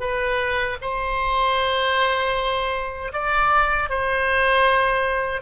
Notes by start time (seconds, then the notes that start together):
0.00 B4
0.81 C5
3.13 D5
3.90 C5